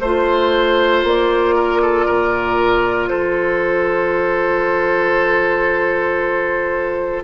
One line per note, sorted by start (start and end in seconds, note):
0.00 1.03 A3
0.00 7.24 F4
0.00 1.03 C5
0.00 1.55 C5
1.03 2.07 A#3
1.03 3.08 D5
1.55 1.81 A#4
1.81 2.06 A4
2.06 3.11 A#2
2.06 3.09 A#4
3.08 7.24 F3
3.08 7.23 A4
3.08 7.22 C5